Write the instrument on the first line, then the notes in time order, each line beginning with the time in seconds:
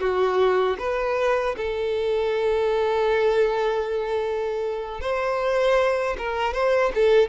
violin
0.00 F#4
0.79 B4
1.57 A4
5.01 C5
6.18 A#4
6.53 C5
6.95 A4